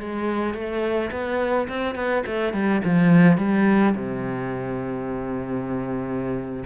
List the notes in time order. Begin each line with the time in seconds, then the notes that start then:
0.00 G#3
0.55 A3
1.12 B3
1.69 C4
1.96 B3
2.27 A3
2.54 G3
2.85 F3
3.38 G3
3.95 C3